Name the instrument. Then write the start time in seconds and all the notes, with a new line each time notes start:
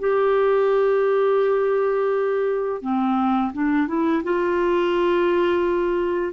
clarinet
0.00 G4
2.82 C4
3.53 D4
3.88 E4
4.24 F4